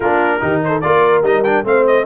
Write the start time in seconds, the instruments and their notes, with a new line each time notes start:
0.00 tuba A#3, trombone D4, horn F4, trumpet A#4
0.40 tuba D#3, trombone D#4, horn G4
0.64 horn A4, trumpet C5
0.81 tuba A#3, trombone F4, horn A#4, trumpet D5
1.22 tuba G3, trombone D#4, trumpet D#5
1.43 trombone D4, trumpet G5
1.64 tuba A3, trombone C4, horn C5, trumpet F5
1.86 trumpet D#5